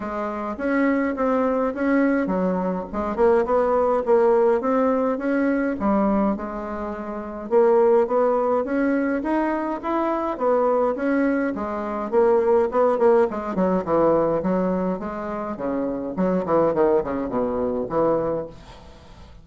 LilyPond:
\new Staff \with { instrumentName = "bassoon" } { \time 4/4 \tempo 4 = 104 gis4 cis'4 c'4 cis'4 | fis4 gis8 ais8 b4 ais4 | c'4 cis'4 g4 gis4~ | gis4 ais4 b4 cis'4 |
dis'4 e'4 b4 cis'4 | gis4 ais4 b8 ais8 gis8 fis8 | e4 fis4 gis4 cis4 | fis8 e8 dis8 cis8 b,4 e4 | }